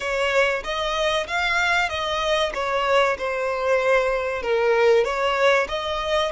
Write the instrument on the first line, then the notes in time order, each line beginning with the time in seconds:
violin
0.00 C#5
0.63 D#5
1.27 F5
1.89 D#5
2.54 C#5
3.18 C5
4.42 A#4
5.04 C#5
5.68 D#5